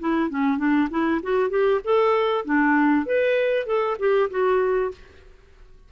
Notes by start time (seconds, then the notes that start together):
0.00 E4
0.30 C#4
0.58 D4
0.90 E4
1.23 F#4
1.50 G4
1.84 A4
2.45 D4
3.06 B4
3.66 A4
3.99 G4
4.30 F#4